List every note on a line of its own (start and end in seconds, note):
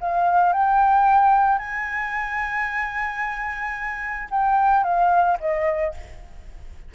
0.00 0.53 F5
0.53 1.58 G5
1.58 4.28 G#5
4.30 4.83 G5
4.83 5.37 F5
5.40 5.94 D#5